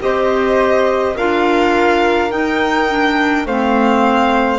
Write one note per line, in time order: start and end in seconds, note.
0.00 1.15 C4
0.00 1.15 G4
0.00 1.16 C5
0.00 1.17 D#5
1.16 2.31 D4
1.16 2.30 F4
1.16 3.46 A#4
1.16 2.31 F5
2.30 2.87 D#4
2.30 3.46 D#4
2.30 3.47 G5
2.89 3.46 D4
3.46 4.59 A3
3.46 4.59 C4
3.46 4.59 C5
3.46 4.59 F5